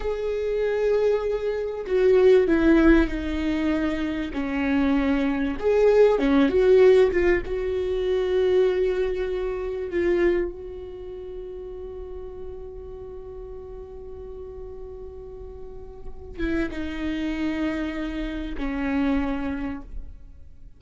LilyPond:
\new Staff \with { instrumentName = "viola" } { \time 4/4 \tempo 4 = 97 gis'2. fis'4 | e'4 dis'2 cis'4~ | cis'4 gis'4 cis'8 fis'4 f'8 | fis'1 |
f'4 fis'2.~ | fis'1~ | fis'2~ fis'8 e'8 dis'4~ | dis'2 cis'2 | }